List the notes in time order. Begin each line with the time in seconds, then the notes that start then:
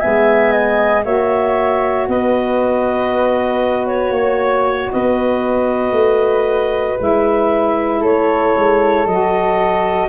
0.00 G#3 B3 E5 G#5
0.52 D#5
1.04 A#3 F#4 C#5 E5
2.08 B3 B4 D#5
3.87 C#5
4.11 A#3 C#5
4.92 B3 B4 D#5
5.92 A3
6.98 G#3 E4 E5
8.01 A3 A4 C#5
8.56 G#3
9.06 F#3 F#4 D#5